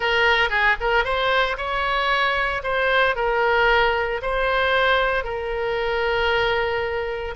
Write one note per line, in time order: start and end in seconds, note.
0.00 0.49 A#4
0.49 0.76 G#4
0.80 1.04 A#4
1.04 1.56 C5
1.57 2.62 C#5
2.63 3.15 C5
3.15 4.21 A#4
4.22 5.24 C5
5.24 7.34 A#4